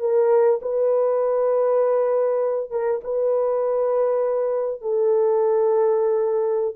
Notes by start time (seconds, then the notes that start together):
0.00 A#4
0.62 B4
2.71 A#4
3.04 B4
4.81 A4